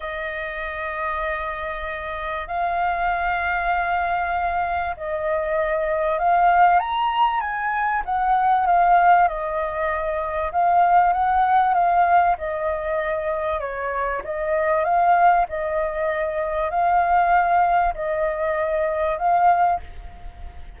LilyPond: \new Staff \with { instrumentName = "flute" } { \time 4/4 \tempo 4 = 97 dis''1 | f''1 | dis''2 f''4 ais''4 | gis''4 fis''4 f''4 dis''4~ |
dis''4 f''4 fis''4 f''4 | dis''2 cis''4 dis''4 | f''4 dis''2 f''4~ | f''4 dis''2 f''4 | }